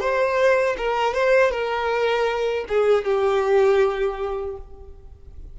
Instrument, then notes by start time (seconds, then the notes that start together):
violin
0.00 C5
0.78 A#4
1.14 C5
1.51 A#4
2.69 G#4
3.05 G4